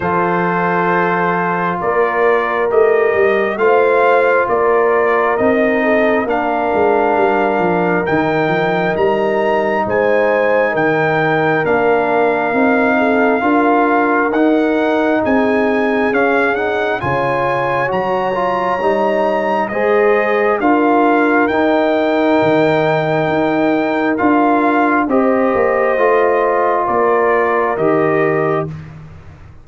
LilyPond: <<
  \new Staff \with { instrumentName = "trumpet" } { \time 4/4 \tempo 4 = 67 c''2 d''4 dis''4 | f''4 d''4 dis''4 f''4~ | f''4 g''4 ais''4 gis''4 | g''4 f''2. |
fis''4 gis''4 f''8 fis''8 gis''4 | ais''2 dis''4 f''4 | g''2. f''4 | dis''2 d''4 dis''4 | }
  \new Staff \with { instrumentName = "horn" } { \time 4/4 a'2 ais'2 | c''4 ais'4. a'8 ais'4~ | ais'2. c''4 | ais'2~ ais'8 a'8 ais'4~ |
ais'4 gis'2 cis''4~ | cis''2 c''4 ais'4~ | ais'1 | c''2 ais'2 | }
  \new Staff \with { instrumentName = "trombone" } { \time 4/4 f'2. g'4 | f'2 dis'4 d'4~ | d'4 dis'2.~ | dis'4 d'4 dis'4 f'4 |
dis'2 cis'8 dis'8 f'4 | fis'8 f'8 dis'4 gis'4 f'4 | dis'2. f'4 | g'4 f'2 g'4 | }
  \new Staff \with { instrumentName = "tuba" } { \time 4/4 f2 ais4 a8 g8 | a4 ais4 c'4 ais8 gis8 | g8 f8 dis8 f8 g4 gis4 | dis4 ais4 c'4 d'4 |
dis'4 c'4 cis'4 cis4 | fis4 g4 gis4 d'4 | dis'4 dis4 dis'4 d'4 | c'8 ais8 a4 ais4 dis4 | }
>>